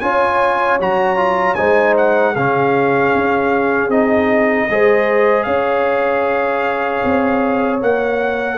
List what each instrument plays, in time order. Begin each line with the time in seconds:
0.00 tuba C#4, trombone F4, horn C#5, trumpet G#5
0.80 tuba F#3, trombone F#4, trumpet A#5
1.16 trombone F4
1.55 tuba G#3, trombone D#4, horn C5, trumpet G#5
1.97 trumpet F#5
2.33 tuba C#3, trombone C#4, horn G#4, trumpet F5
3.15 tuba C#4
3.88 tuba C4, trombone D#4, trumpet D#5
4.69 tuba G#3, trombone G#4, horn C5
5.43 tuba C#4, horn C#5, trumpet F5
7.04 tuba C4
7.81 tuba A#3, trombone A#4, trumpet F#5